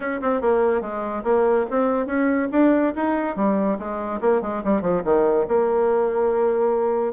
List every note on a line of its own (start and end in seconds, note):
0.00 0.20 C#4
0.21 0.41 C4
0.41 0.81 A#3
0.81 1.23 G#3
1.23 1.65 A#3
1.70 2.06 C4
2.06 2.48 C#4
2.51 2.93 D4
2.95 3.36 D#4
3.36 3.78 G3
3.78 4.20 G#3
4.21 4.41 A#3
4.41 4.62 G#3
4.63 4.81 G3
4.81 5.02 F3
5.04 5.46 D#3
5.48 7.13 A#3